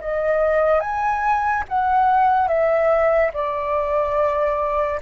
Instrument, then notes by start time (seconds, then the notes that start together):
flute
0.00 D#5
0.80 G#5
1.68 F#5
2.47 E5
3.33 D5